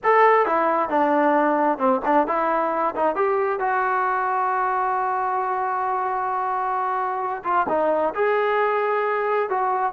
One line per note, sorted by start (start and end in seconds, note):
0.03 0.46 A4
0.46 0.89 E4
0.89 1.78 D4
1.78 2.01 C4
2.05 2.27 D4
2.27 2.94 E4
2.95 3.15 D#4
3.15 3.59 G4
3.59 7.43 F#4
7.43 7.66 F4
7.69 8.14 D#4
8.14 9.49 G#4
9.49 9.92 F#4